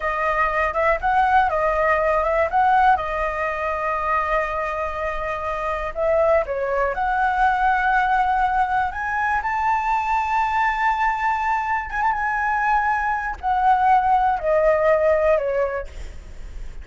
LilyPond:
\new Staff \with { instrumentName = "flute" } { \time 4/4 \tempo 4 = 121 dis''4. e''8 fis''4 dis''4~ | dis''8 e''8 fis''4 dis''2~ | dis''1 | e''4 cis''4 fis''2~ |
fis''2 gis''4 a''4~ | a''1 | gis''16 a''16 gis''2~ gis''8 fis''4~ | fis''4 dis''2 cis''4 | }